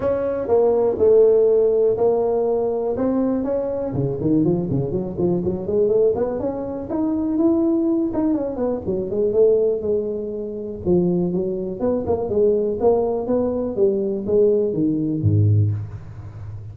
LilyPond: \new Staff \with { instrumentName = "tuba" } { \time 4/4 \tempo 4 = 122 cis'4 ais4 a2 | ais2 c'4 cis'4 | cis8 dis8 f8 cis8 fis8 f8 fis8 gis8 | a8 b8 cis'4 dis'4 e'4~ |
e'8 dis'8 cis'8 b8 fis8 gis8 a4 | gis2 f4 fis4 | b8 ais8 gis4 ais4 b4 | g4 gis4 dis4 gis,4 | }